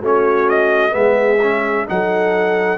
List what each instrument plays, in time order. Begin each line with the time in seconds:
0.00 tuba A3, trombone C#4, horn F#4, trumpet C#5
0.49 trumpet D#5
0.91 tuba G#3, trombone B3, horn G#4, trumpet E5
1.42 trombone C#4
1.87 tuba F#3, trombone D#4, horn A4, trumpet F#5